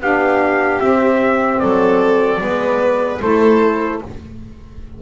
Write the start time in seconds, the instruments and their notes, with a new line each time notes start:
0.00 double bass B3, saxophone D4, violin G4, trumpet F5
0.80 double bass C4, saxophone C4, trumpet E5
1.59 double bass F#3, violin A4, trumpet D5
2.40 double bass G#3, saxophone B3, violin B4
3.21 double bass A3, saxophone E4, violin A4, trumpet C5